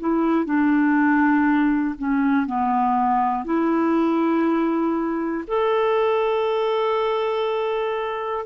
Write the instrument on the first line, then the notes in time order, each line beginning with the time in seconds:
clarinet
0.00 E4
0.45 D4
1.99 C#4
2.47 B3
3.45 E4
5.48 A4